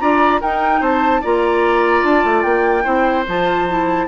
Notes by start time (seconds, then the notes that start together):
0.00 D4 F4 D5 A#5
0.41 D#4 A#4 G5
0.81 C4 C5 A5
1.22 A#3 F4 D5 A#5
2.04 D4 A5
2.25 A3
2.43 A#3 G5
2.84 C4 E4 C5
3.28 F3 F4 A5
3.69 E4